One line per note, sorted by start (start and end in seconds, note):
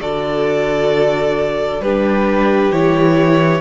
0.00 1.80 D3
0.00 1.82 F#4
0.00 1.83 A4
0.00 1.82 D5
1.80 2.71 G3
1.80 2.72 D4
1.80 3.61 G4
1.80 2.73 B4
2.72 3.61 E3
2.72 3.61 E4
2.72 3.61 C#5